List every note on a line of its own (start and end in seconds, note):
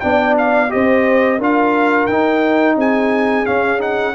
0.00 0.73 B3
0.00 0.69 D4
0.00 0.72 D5
0.00 0.34 G5
0.38 0.71 F5
0.69 1.39 C4
0.69 1.38 G4
0.69 1.38 C5
0.69 1.40 D#5
1.38 2.07 D4
1.38 2.09 F4
1.38 2.76 A#4
1.38 2.06 F5
2.06 2.76 D#4
2.06 3.45 D#4
2.06 2.75 G5
2.76 3.45 C4
2.76 4.15 G#4
2.76 3.46 G#5
3.45 3.78 C#4
3.45 4.15 C#4
3.45 3.80 F5
3.78 4.12 D#4
3.78 4.15 F#5